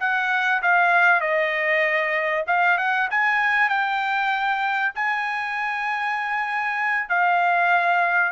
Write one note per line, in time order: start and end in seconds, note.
0.00 0.62 F#5
0.62 1.21 F5
1.21 2.45 D#5
2.47 2.78 F5
2.78 3.09 F#5
3.11 3.69 G#5
3.69 4.93 G5
4.95 7.09 G#5
7.09 8.32 F5